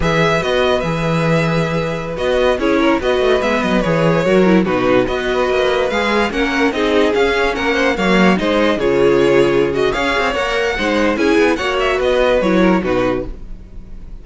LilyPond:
<<
  \new Staff \with { instrumentName = "violin" } { \time 4/4 \tempo 4 = 145 e''4 dis''4 e''2~ | e''4~ e''16 dis''4 cis''4 dis''8.~ | dis''16 e''8 dis''8 cis''2 b'8.~ | b'16 dis''2 f''4 fis''8.~ |
fis''16 dis''4 f''4 fis''4 f''8.~ | f''16 dis''4 cis''2~ cis''16 dis''8 | f''4 fis''2 gis''4 | fis''8 e''8 dis''4 cis''4 b'4 | }
  \new Staff \with { instrumentName = "violin" } { \time 4/4 b'1~ | b'2~ b'16 gis'8 ais'8 b'8.~ | b'2~ b'16 ais'4 fis'8.~ | fis'16 b'2. ais'8.~ |
ais'16 gis'2 ais'8 c''8 cis''8.~ | cis''16 c''4 gis'2~ gis'8. | cis''2 c''4 gis'4 | cis''4 b'4. ais'8 fis'4 | }
  \new Staff \with { instrumentName = "viola" } { \time 4/4 gis'4 fis'4 gis'2~ | gis'4~ gis'16 fis'4 e'4 fis'8.~ | fis'16 b4 gis'4 fis'8 e'8 dis'8.~ | dis'16 fis'2 gis'4 cis'8.~ |
cis'16 dis'4 cis'2 ais8.~ | ais16 dis'4 f'2~ f'16 fis'8 | gis'4 ais'4 dis'4 e'4 | fis'2 e'4 dis'4 | }
  \new Staff \with { instrumentName = "cello" } { \time 4/4 e4 b4 e2~ | e4~ e16 b4 cis'4 b8 a16~ | a16 gis8 fis8 e4 fis4 b,8.~ | b,16 b4 ais4 gis4 ais8.~ |
ais16 c'4 cis'4 ais4 fis8.~ | fis16 gis4 cis2~ cis8. | cis'8 c'8 ais4 gis4 cis'8 b8 | ais4 b4 fis4 b,4 | }
>>